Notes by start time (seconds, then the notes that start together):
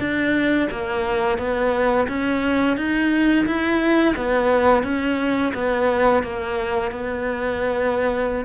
0.00 D4
0.71 A#3
1.39 B3
2.09 C#4
2.77 D#4
3.46 E4
4.17 B3
4.84 C#4
5.55 B3
6.24 A#3
6.92 B3